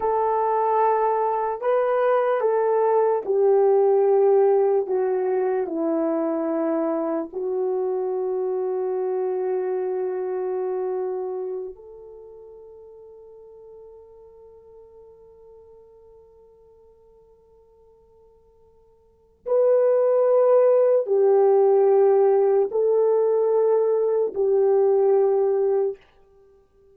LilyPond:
\new Staff \with { instrumentName = "horn" } { \time 4/4 \tempo 4 = 74 a'2 b'4 a'4 | g'2 fis'4 e'4~ | e'4 fis'2.~ | fis'2~ fis'8 a'4.~ |
a'1~ | a'1 | b'2 g'2 | a'2 g'2 | }